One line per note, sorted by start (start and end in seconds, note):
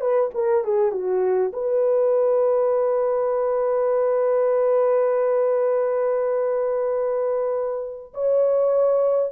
0.00 0.30 B4
0.34 0.64 A#4
0.64 0.91 G#4
0.91 1.51 F#4
1.53 8.13 B4
8.14 9.31 C#5